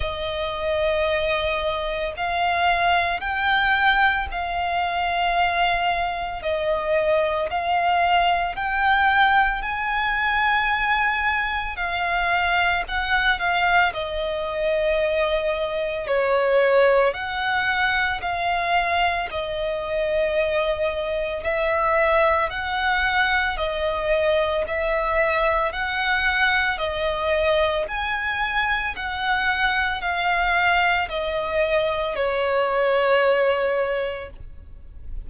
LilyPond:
\new Staff \with { instrumentName = "violin" } { \time 4/4 \tempo 4 = 56 dis''2 f''4 g''4 | f''2 dis''4 f''4 | g''4 gis''2 f''4 | fis''8 f''8 dis''2 cis''4 |
fis''4 f''4 dis''2 | e''4 fis''4 dis''4 e''4 | fis''4 dis''4 gis''4 fis''4 | f''4 dis''4 cis''2 | }